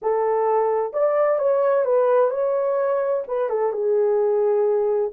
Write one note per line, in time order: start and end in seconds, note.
0.01 0.93 A4
0.93 1.38 D5
1.38 1.84 C#5
1.84 2.30 B4
2.30 3.23 C#5
3.27 3.49 B4
3.49 3.72 A4
3.72 5.11 G#4